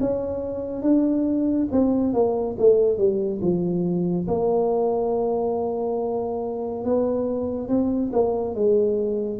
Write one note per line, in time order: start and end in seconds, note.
0.00 0.82 C#4
0.82 1.68 D4
1.71 2.13 C4
2.13 2.56 A#3
2.59 2.98 A3
2.98 3.41 G3
3.41 4.27 F3
4.27 6.84 A#3
6.84 7.68 B3
7.68 8.11 C4
8.13 8.54 A#3
8.54 9.39 G#3